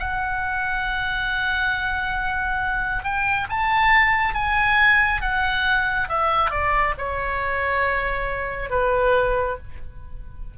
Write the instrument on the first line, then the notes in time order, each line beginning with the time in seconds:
oboe
0.00 F#5
3.04 G5
3.50 A5
4.35 G#5
5.22 F#5
6.09 E5
6.51 D5
6.98 C#5
8.70 B4